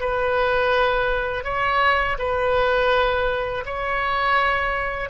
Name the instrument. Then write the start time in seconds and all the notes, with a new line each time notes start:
oboe
0.00 B4
1.44 C#5
2.18 B4
3.66 C#5